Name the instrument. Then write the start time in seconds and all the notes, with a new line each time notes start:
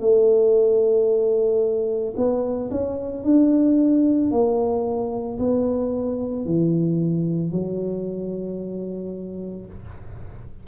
tuba
0.00 A3
2.17 B3
2.71 C#4
3.24 D4
4.31 A#3
5.39 B3
6.46 E3
7.52 F#3